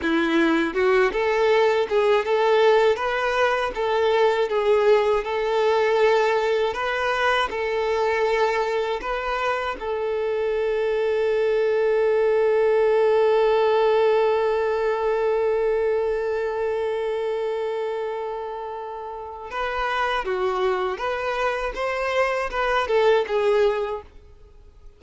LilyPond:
\new Staff \with { instrumentName = "violin" } { \time 4/4 \tempo 4 = 80 e'4 fis'8 a'4 gis'8 a'4 | b'4 a'4 gis'4 a'4~ | a'4 b'4 a'2 | b'4 a'2.~ |
a'1~ | a'1~ | a'2 b'4 fis'4 | b'4 c''4 b'8 a'8 gis'4 | }